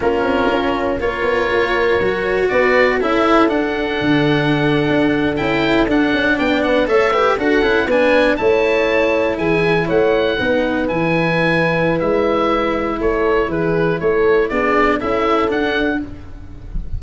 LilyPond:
<<
  \new Staff \with { instrumentName = "oboe" } { \time 4/4 \tempo 4 = 120 ais'2 cis''2~ | cis''4 d''4 e''4 fis''4~ | fis''2~ fis''8. g''4 fis''16~ | fis''8. g''8 fis''8 e''4 fis''4 gis''16~ |
gis''8. a''2 gis''4 fis''16~ | fis''4.~ fis''16 gis''2~ gis''16 | e''2 cis''4 b'4 | cis''4 d''4 e''4 fis''4 | }
  \new Staff \with { instrumentName = "horn" } { \time 4/4 f'2 ais'2~ | ais'4 b'4 a'2~ | a'1~ | a'8. d''8 b'8 cis''8 b'8 a'4 b'16~ |
b'8. cis''2 gis'4 cis''16~ | cis''8. b'2.~ b'16~ | b'2 a'4 gis'4 | a'4 gis'4 a'2 | }
  \new Staff \with { instrumentName = "cello" } { \time 4/4 cis'2 f'2 | fis'2 e'4 d'4~ | d'2~ d'8. e'4 d'16~ | d'4.~ d'16 a'8 g'8 fis'8 e'8 d'16~ |
d'8. e'2.~ e'16~ | e'8. dis'4 e'2~ e'16~ | e'1~ | e'4 d'4 e'4 d'4 | }
  \new Staff \with { instrumentName = "tuba" } { \time 4/4 ais8 c'8 cis'4 ais8 b8 ais4 | fis4 b4 cis'4 d'4 | d4.~ d16 d'4 cis'4 d'16~ | d'16 cis'8 b4 a4 d'8 cis'8 b16~ |
b8. a2 e4 a16~ | a8. b4 e2~ e16 | gis2 a4 e4 | a4 b4 cis'4 d'4 | }
>>